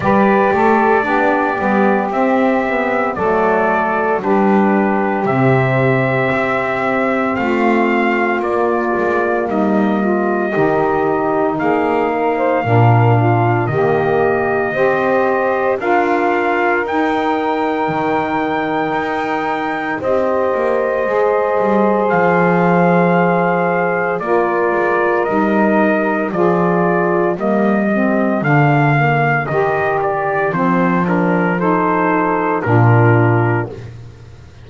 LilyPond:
<<
  \new Staff \with { instrumentName = "trumpet" } { \time 4/4 \tempo 4 = 57 d''2 e''4 d''4 | b'4 e''2 f''4 | d''4 dis''2 f''4~ | f''4 dis''2 f''4 |
g''2. dis''4~ | dis''4 f''2 d''4 | dis''4 d''4 dis''4 f''4 | dis''8 d''8 c''8 ais'8 c''4 ais'4 | }
  \new Staff \with { instrumentName = "saxophone" } { \time 4/4 b'8 a'8 g'2 a'4 | g'2. f'4~ | f'4 dis'8 f'8 g'4 gis'8 ais'16 c''16 | ais'8 f'8 g'4 c''4 ais'4~ |
ais'2. c''4~ | c''2. ais'4~ | ais'4 gis'4 ais'2~ | ais'2 a'4 f'4 | }
  \new Staff \with { instrumentName = "saxophone" } { \time 4/4 g'4 d'8 b8 c'8 b8 a4 | d'4 c'2. | ais2 dis'2 | d'4 ais4 g'4 f'4 |
dis'2. g'4 | gis'2. f'4 | dis'4 f'4 ais8 c'8 d'8 ais8 | g'4 c'8 d'8 dis'4 d'4 | }
  \new Staff \with { instrumentName = "double bass" } { \time 4/4 g8 a8 b8 g8 c'4 fis4 | g4 c4 c'4 a4 | ais8 gis8 g4 dis4 ais4 | ais,4 dis4 c'4 d'4 |
dis'4 dis4 dis'4 c'8 ais8 | gis8 g8 f2 ais8 gis8 | g4 f4 g4 d4 | dis4 f2 ais,4 | }
>>